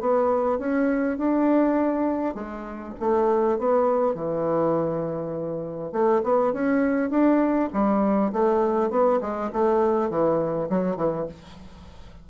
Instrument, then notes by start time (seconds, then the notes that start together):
bassoon
0.00 B3
0.58 C#4
1.17 D4
2.34 G#3
3.00 A3
3.58 B3
4.14 E3
5.92 A3
6.23 B3
6.53 C#4
7.10 D4
7.73 G3
8.32 A3
8.90 B3
9.21 G#3
9.52 A3
10.09 E3
10.69 F#3
10.96 E3